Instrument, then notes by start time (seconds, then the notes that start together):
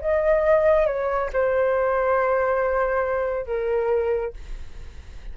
flute
0.00 D#5
0.86 C#5
1.32 C5
3.46 A#4